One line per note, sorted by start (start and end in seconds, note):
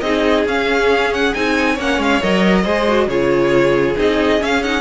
0.00 0.45 C4
0.00 0.46 D#4
0.00 1.73 G#4
0.00 0.44 D#5
0.45 1.33 C#4
0.45 1.34 C#4
0.45 1.14 F5
1.14 1.34 F#5
1.34 1.78 C4
1.34 1.78 D#4
1.34 1.78 G#5
1.73 1.98 A#3
1.73 2.22 C#4
1.73 2.61 C#5
1.80 2.02 F#5
1.98 2.20 G#3
1.98 2.22 F5
2.22 2.66 F#3
2.22 2.65 A#4
2.22 3.08 D#5
2.64 3.07 G#3
2.64 2.87 G#4
2.64 3.07 C5
2.88 3.09 F#4
3.07 3.95 C#3
3.07 3.97 F4
3.07 4.81 G#4
3.07 3.96 C#5
3.97 4.42 C4
3.97 4.39 D#4
3.97 4.43 D#5
4.39 4.61 C#4
4.39 4.81 C#4
4.39 4.63 F5
4.63 4.81 D#4
4.63 4.81 F#5